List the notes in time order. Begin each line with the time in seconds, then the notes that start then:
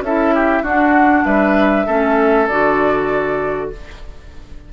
0.00 C#4 E4 A4 E5
0.34 G4
0.62 D4 F#4 F#5
1.24 G3 B4 E5
1.86 A3 C#4 A4
2.47 D3 F#4 D5